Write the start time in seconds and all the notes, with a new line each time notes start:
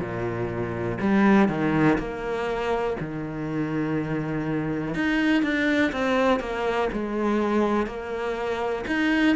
0.00 A#2
1.01 G3
1.49 D#3
1.99 A#3
3.00 D#3
4.95 D#4
5.43 D4
5.92 C4
6.40 A#3
6.93 G#3
7.87 A#3
8.87 D#4